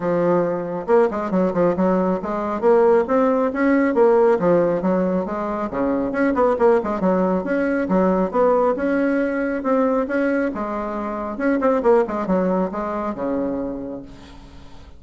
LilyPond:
\new Staff \with { instrumentName = "bassoon" } { \time 4/4 \tempo 4 = 137 f2 ais8 gis8 fis8 f8 | fis4 gis4 ais4 c'4 | cis'4 ais4 f4 fis4 | gis4 cis4 cis'8 b8 ais8 gis8 |
fis4 cis'4 fis4 b4 | cis'2 c'4 cis'4 | gis2 cis'8 c'8 ais8 gis8 | fis4 gis4 cis2 | }